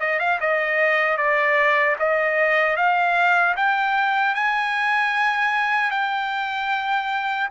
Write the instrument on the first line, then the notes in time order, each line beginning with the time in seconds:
trumpet
0.00 D#5
0.19 F5
0.40 D#5
1.17 D5
1.99 D#5
2.76 F5
3.56 G5
4.35 G#5
5.91 G5